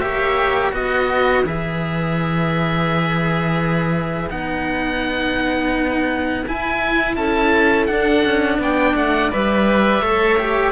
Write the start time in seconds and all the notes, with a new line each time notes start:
0.00 A#3 G4 C#5 E5
0.71 B3 F#4 B4 D#5
1.44 E3 G#4 E5
4.30 B3 D#4 F#5
6.47 E4 G#5
7.16 C#4 A4 A5
7.86 D4 F#5
8.25 C#4
8.58 B3 D5 G5
8.95 A3 F#5
9.32 G3 B4 E5
10.01 A3 A4 C#5
10.39 G4